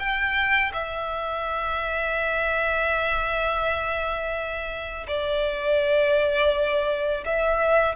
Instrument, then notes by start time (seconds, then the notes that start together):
violin
0.00 G5
0.73 E5
5.08 D5
7.26 E5